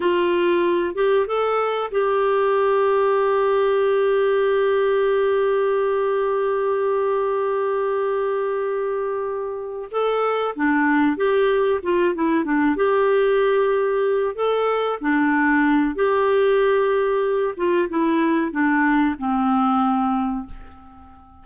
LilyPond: \new Staff \with { instrumentName = "clarinet" } { \time 4/4 \tempo 4 = 94 f'4. g'8 a'4 g'4~ | g'1~ | g'1~ | g'2.~ g'8 a'8~ |
a'8 d'4 g'4 f'8 e'8 d'8 | g'2~ g'8 a'4 d'8~ | d'4 g'2~ g'8 f'8 | e'4 d'4 c'2 | }